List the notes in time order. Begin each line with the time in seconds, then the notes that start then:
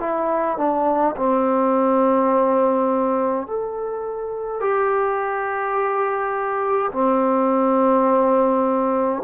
0.00 E4
0.58 D4
1.17 C4
3.47 A4
4.60 G4
6.92 C4